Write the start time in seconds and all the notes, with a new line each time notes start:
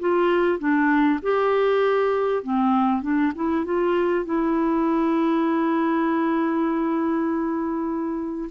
0.00 F4
0.59 D4
1.23 G4
2.44 C4
3.02 D4
3.36 E4
3.65 F4
4.26 E4